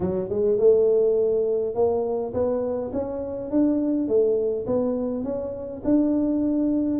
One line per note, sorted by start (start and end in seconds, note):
0.00 0.29 F#3
0.29 0.58 G#3
0.58 1.74 A3
1.74 2.33 A#3
2.33 2.91 B3
2.92 3.50 C#4
3.50 4.08 D4
4.08 4.66 A3
4.66 5.23 B3
5.23 5.82 C#4
5.84 7.00 D4